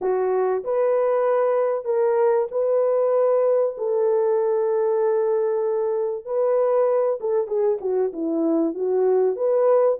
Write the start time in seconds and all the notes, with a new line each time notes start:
0.01 F#4
0.64 B4
1.84 A#4
2.51 B4
3.77 A4
6.25 B4
7.20 A4
7.47 G#4
7.81 F#4
8.12 E4
8.74 F#4
9.36 B4